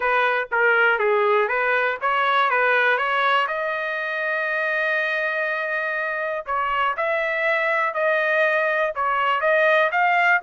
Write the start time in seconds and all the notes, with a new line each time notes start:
0.00 B4
0.51 A#4
0.98 G#4
1.48 B4
2.01 C#5
2.50 B4
2.97 C#5
3.47 D#5
6.46 C#5
6.96 E5
7.94 D#5
8.95 C#5
9.40 D#5
9.91 F5